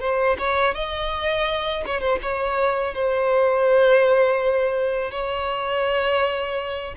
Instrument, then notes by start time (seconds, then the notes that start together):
violin
0.00 C5
0.38 C#5
0.74 D#5
1.86 C#5
2.00 C5
2.22 C#5
2.94 C5
5.11 C#5